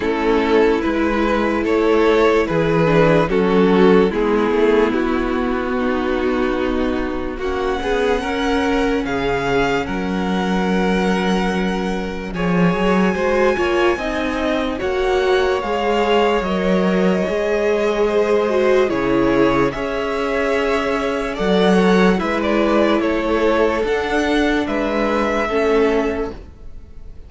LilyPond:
<<
  \new Staff \with { instrumentName = "violin" } { \time 4/4 \tempo 4 = 73 a'4 b'4 cis''4 b'4 | a'4 gis'4 fis'2~ | fis'4 fis''2 f''4 | fis''2. gis''4~ |
gis''2 fis''4 f''4 | dis''2. cis''4 | e''2 fis''4 e''16 d''8. | cis''4 fis''4 e''2 | }
  \new Staff \with { instrumentName = "violin" } { \time 4/4 e'2 a'4 gis'4 | fis'4 e'2 dis'4~ | dis'4 fis'8 gis'8 ais'4 gis'4 | ais'2. cis''4 |
c''8 cis''8 dis''4 cis''2~ | cis''2 c''4 gis'4 | cis''2 d''8 cis''8 b'4 | a'2 b'4 a'4 | }
  \new Staff \with { instrumentName = "viola" } { \time 4/4 cis'4 e'2~ e'8 d'8 | cis'4 b2.~ | b4 cis'2.~ | cis'2. gis'4 |
fis'8 f'8 dis'4 fis'4 gis'4 | ais'4 gis'4. fis'8 e'4 | gis'2 a'4 e'4~ | e'4 d'2 cis'4 | }
  \new Staff \with { instrumentName = "cello" } { \time 4/4 a4 gis4 a4 e4 | fis4 gis8 a8 b2~ | b4 ais8 b8 cis'4 cis4 | fis2. f8 fis8 |
gis8 ais8 c'4 ais4 gis4 | fis4 gis2 cis4 | cis'2 fis4 gis4 | a4 d'4 gis4 a4 | }
>>